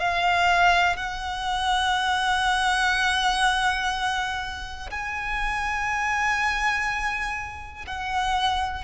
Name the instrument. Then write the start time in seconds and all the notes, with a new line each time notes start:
violin
0.00 F5
0.97 F#5
4.91 G#5
7.87 F#5